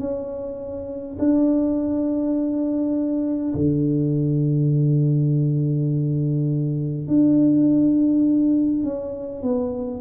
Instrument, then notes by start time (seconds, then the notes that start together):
tuba
0.00 C#4
1.19 D4
3.55 D3
7.08 D4
8.83 C#4
9.42 B3